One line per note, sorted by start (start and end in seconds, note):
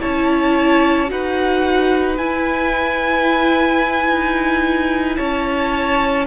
0.00 1.11 C#4
0.00 1.07 E4
0.00 1.11 C#5
0.00 1.10 A5
1.07 2.18 D#4
1.07 2.16 F#4
1.07 5.17 B4
1.07 2.17 F#5
2.17 4.09 E4
2.17 6.27 E4
2.17 5.16 G#5
4.09 5.18 D#4
5.16 6.27 C#4
5.16 6.26 C#5
5.16 6.25 A5